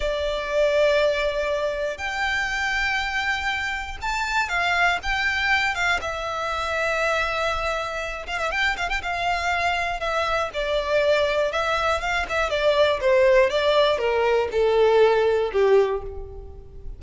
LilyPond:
\new Staff \with { instrumentName = "violin" } { \time 4/4 \tempo 4 = 120 d''1 | g''1 | a''4 f''4 g''4. f''8 | e''1~ |
e''8 f''16 e''16 g''8 f''16 g''16 f''2 | e''4 d''2 e''4 | f''8 e''8 d''4 c''4 d''4 | ais'4 a'2 g'4 | }